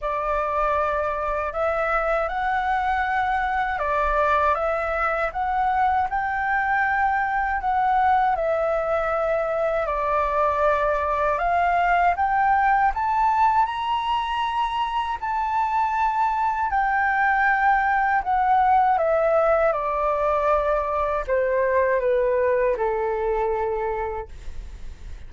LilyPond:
\new Staff \with { instrumentName = "flute" } { \time 4/4 \tempo 4 = 79 d''2 e''4 fis''4~ | fis''4 d''4 e''4 fis''4 | g''2 fis''4 e''4~ | e''4 d''2 f''4 |
g''4 a''4 ais''2 | a''2 g''2 | fis''4 e''4 d''2 | c''4 b'4 a'2 | }